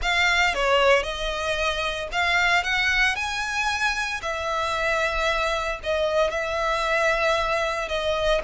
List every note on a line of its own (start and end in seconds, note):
0.02 0.54 F5
0.54 1.03 C#5
1.03 2.08 D#5
2.12 2.63 F5
2.63 3.15 F#5
3.15 4.20 G#5
4.22 5.79 E5
5.83 6.30 D#5
6.30 7.88 E5
7.88 8.41 D#5